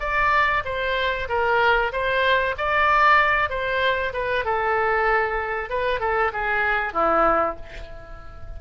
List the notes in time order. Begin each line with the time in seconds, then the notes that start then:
0.00 D5
0.65 C5
1.29 A#4
1.92 C5
2.58 D5
3.50 C5
4.14 B4
4.45 A4
5.70 B4
6.00 A4
6.33 G#4
6.93 E4